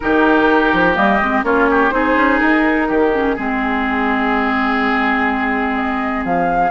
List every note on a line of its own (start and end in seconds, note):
0.00 0.73 D#3
0.00 0.95 D#4
0.00 1.45 G4
0.00 0.95 A#4
0.73 0.97 F3
0.95 1.21 G3
0.95 1.19 A#3
0.95 1.43 D#5
1.21 1.43 G#3
1.21 1.43 C4
1.43 1.91 A#3
1.43 1.90 C#4
1.43 1.69 F4
1.43 1.90 C#5
1.71 1.93 G4
1.90 2.15 C4
1.90 3.10 D#4
1.90 2.88 G#4
1.90 2.38 C5
2.15 2.39 C#4
2.38 2.89 D#4
2.38 3.10 A#4
2.88 3.37 D#3
2.88 3.35 G4
3.12 3.36 C#4
3.12 5.75 G#4
3.35 6.24 G#3
3.35 6.71 C4
3.35 6.71 G#4
5.75 6.23 D#5
6.24 6.71 F3
6.24 6.71 F5